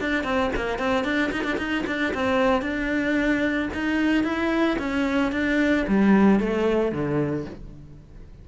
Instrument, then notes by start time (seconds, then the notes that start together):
cello
0.00 D4
0.24 C4
0.55 A#3
0.78 C4
1.04 D4
1.31 D#4
1.43 D4
1.57 D#4
1.86 D4
2.14 C4
2.62 D4
3.74 D#4
4.23 E4
4.78 C#4
5.32 D4
5.87 G3
6.40 A3
6.92 D3